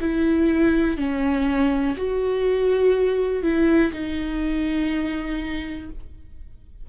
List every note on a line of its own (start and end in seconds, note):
0.00 0.97 E4
0.97 1.95 C#4
1.96 3.42 F#4
3.42 3.92 E4
3.92 5.89 D#4